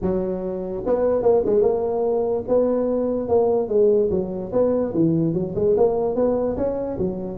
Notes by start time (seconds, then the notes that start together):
0.01 F#3
0.86 B3
1.22 A#3
1.45 G#3
1.61 A#3
2.48 B3
3.28 A#3
3.68 G#3
4.10 F#3
4.52 B3
4.94 E3
5.33 F#3
5.55 G#3
5.76 A#3
6.15 B3
6.56 C#4
6.98 F#3